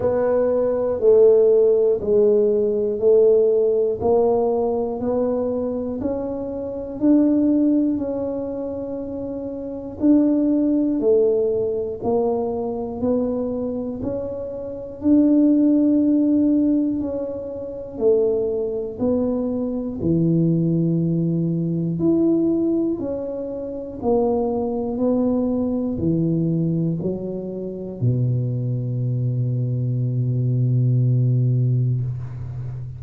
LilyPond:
\new Staff \with { instrumentName = "tuba" } { \time 4/4 \tempo 4 = 60 b4 a4 gis4 a4 | ais4 b4 cis'4 d'4 | cis'2 d'4 a4 | ais4 b4 cis'4 d'4~ |
d'4 cis'4 a4 b4 | e2 e'4 cis'4 | ais4 b4 e4 fis4 | b,1 | }